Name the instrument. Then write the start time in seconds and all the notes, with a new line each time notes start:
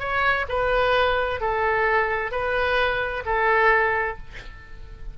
oboe
0.00 C#5
0.49 B4
1.41 A4
2.32 B4
3.26 A4